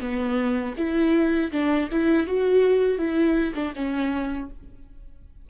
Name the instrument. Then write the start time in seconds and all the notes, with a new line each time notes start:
viola
0.00 B3
0.77 E4
1.52 D4
1.91 E4
2.26 F#4
2.98 E4
3.55 D4
3.75 C#4